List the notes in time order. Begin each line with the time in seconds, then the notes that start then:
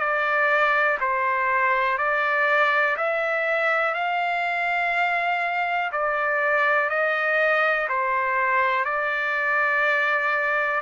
0.00 D5
1.01 C5
1.98 D5
2.97 E5
3.95 F5
5.92 D5
6.89 D#5
7.89 C5
8.85 D5